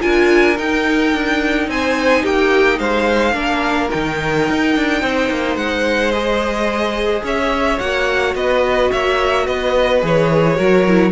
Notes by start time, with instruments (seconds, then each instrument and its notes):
0.00 cello D4, viola F4, violin A#4 G#5
0.58 viola D#4, cello D#4, violin G5
1.13 cello D4
1.68 cello C4, violin C5 G#5
2.23 cello A#3, violin G4 G5
2.78 cello G#3, violin C5 F5
3.33 cello A#3, viola D4, violin A#4
3.90 cello D#3, viola D#4, violin G5
4.50 cello D#4
4.76 cello D4
5.01 cello C4, violin C5
5.30 cello A#3
5.56 cello G#3, violin F#5
6.12 viola G#4, violin D#5
7.23 cello C#4, violin C#5 E5
7.79 cello A#3, viola F#4, violin F#5
8.35 cello B3, violin B4 D#5
8.91 cello A#3, violin C#5 E5
9.46 cello B3, violin B4 D#5
10.01 cello E3, viola G#4, violin C#5
10.56 cello F#3, viola F#4, violin A#4
10.88 viola E4